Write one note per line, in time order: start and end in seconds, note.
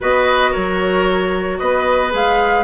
0.01 0.55 B3
0.01 2.11 F#4
0.01 0.51 B4
0.01 0.53 D#5
0.51 1.60 F#3
0.51 1.57 A#4
0.51 1.58 C#5
1.58 2.13 B3
1.58 2.64 B4
1.58 2.11 D#5
2.11 2.64 G#3
2.11 2.64 G#4
2.11 2.64 F5